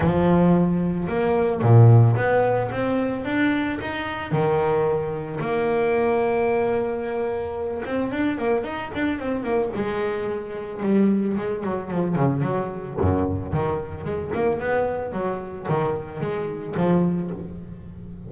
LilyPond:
\new Staff \with { instrumentName = "double bass" } { \time 4/4 \tempo 4 = 111 f2 ais4 ais,4 | b4 c'4 d'4 dis'4 | dis2 ais2~ | ais2~ ais8 c'8 d'8 ais8 |
dis'8 d'8 c'8 ais8 gis2 | g4 gis8 fis8 f8 cis8 fis4 | fis,4 dis4 gis8 ais8 b4 | fis4 dis4 gis4 f4 | }